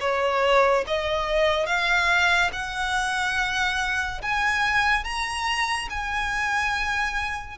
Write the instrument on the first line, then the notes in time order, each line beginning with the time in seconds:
violin
0.00 C#5
0.87 D#5
1.66 F5
2.52 F#5
4.22 G#5
5.04 A#5
5.90 G#5